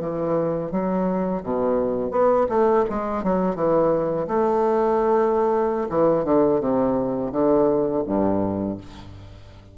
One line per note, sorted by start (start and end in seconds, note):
0.00 0.71 E3
0.71 1.43 F#3
1.43 2.11 B2
2.11 2.46 B3
2.49 2.85 A3
2.89 3.23 G#3
3.23 3.55 F#3
3.55 4.27 E3
4.27 5.88 A3
5.89 6.24 E3
6.24 6.60 D3
6.60 7.31 C3
7.31 8.03 D3
8.06 8.77 G2